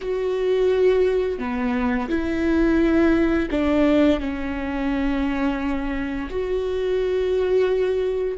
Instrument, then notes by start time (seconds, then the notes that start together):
viola
0.01 F#4
1.39 B3
2.09 E4
3.50 D4
4.20 C#4
6.30 F#4